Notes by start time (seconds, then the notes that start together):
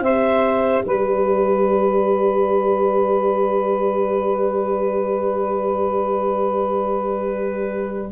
0.00 C4 G4 C5 E5
0.83 G3 B4 D5